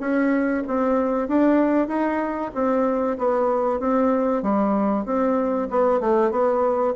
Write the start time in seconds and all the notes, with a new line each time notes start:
0.00 C#4
0.67 C4
1.28 D4
1.88 D#4
2.54 C4
3.18 B3
3.80 C4
4.42 G3
5.05 C4
5.70 B3
6.00 A3
6.31 B3